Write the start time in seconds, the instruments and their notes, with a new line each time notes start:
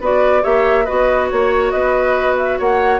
0.00 bassoon B3, clarinet F#4, oboe B4, flute D5
0.42 bassoon A#3, clarinet G4, oboe C#5, flute E5
0.85 bassoon B3, clarinet F#4, oboe B4, flute D#5
1.30 bassoon A#3, flute C#5, oboe C#5
1.71 bassoon B3, oboe B4, flute D#5
2.37 flute E5
2.58 bassoon A#3, oboe C#5, flute F#5